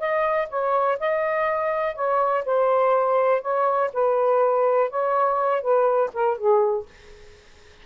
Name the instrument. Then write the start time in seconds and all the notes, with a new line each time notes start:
saxophone
0.00 D#5
0.50 C#5
1.00 D#5
1.96 C#5
2.46 C5
3.42 C#5
3.94 B4
4.90 C#5
5.62 B4
6.14 A#4
6.38 G#4